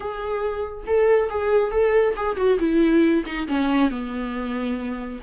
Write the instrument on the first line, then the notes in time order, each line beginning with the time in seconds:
viola
0.00 G#4
0.86 A4
1.29 G#4
1.71 A4
2.16 G#4
2.36 F#4
2.59 E4
3.25 D#4
3.47 C#4
3.90 B3